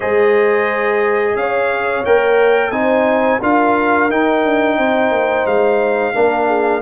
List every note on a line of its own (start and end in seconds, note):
0.00 1.35 G#3
0.00 2.05 G#4
0.00 1.35 C5
0.00 1.36 D#5
1.35 2.03 C#4
1.35 2.72 C#5
1.35 2.04 F5
2.05 2.70 A#3
2.05 2.72 A#4
2.05 2.71 G5
2.70 3.39 C4
2.70 3.40 D#4
2.70 3.40 C5
2.70 3.39 G#5
3.41 4.10 D4
3.41 4.09 F4
3.41 4.78 A#4
3.41 4.10 F5
4.10 6.13 D#4
4.10 4.44 D#4
4.10 5.46 G5
4.44 4.78 D4
4.78 5.11 C4
4.78 6.14 C5
5.11 5.45 A#3
5.45 6.14 G#3
5.45 6.82 F5
6.13 6.82 A#3
6.13 6.82 D4
6.13 6.47 A#4
6.47 6.81 G#4